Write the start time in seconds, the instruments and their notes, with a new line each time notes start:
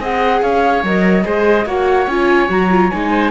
0.00 cello C4, viola G#4, oboe D#5, flute F#5
0.42 cello C#4, oboe C#5, flute F5
0.83 cello F#3, viola A#4, flute D#5
1.24 cello G#3, viola G#4, oboe C5
1.66 cello A#3, viola F#4, oboe C#5, flute F#5
2.07 cello C#4, viola F4, flute G#5
2.48 cello F#3, viola F#4, flute A#5
2.71 viola F4
2.90 cello G#3, viola D#4, flute G#5
3.10 oboe C5